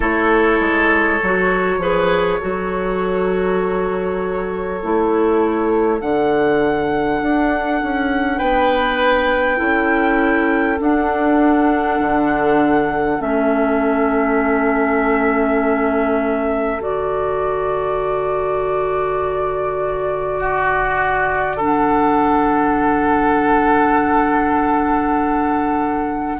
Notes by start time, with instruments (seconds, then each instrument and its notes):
0.00 bassoon A3, clarinet E4, oboe A4, flute C#5
0.60 bassoon G#3
1.22 bassoon F#3, clarinet F#4
1.78 bassoon F3, clarinet G#4, oboe B4
2.39 bassoon F#3, clarinet F#4, oboe A4
4.82 bassoon A3, clarinet E4
6.00 bassoon D3, clarinet D4, flute F#5
7.21 bassoon D4
7.82 bassoon C#4
8.38 bassoon B3, oboe B4, flute G5
9.56 bassoon C#4, clarinet E4, oboe A4
10.78 clarinet D4, bassoon D4, flute F#5
11.99 bassoon D3
13.18 bassoon A3, clarinet C#4, flute E5
16.79 bassoon D3, clarinet F#4, flute D5
20.39 oboe F#4
21.56 clarinet D4, oboe A4, flute F#5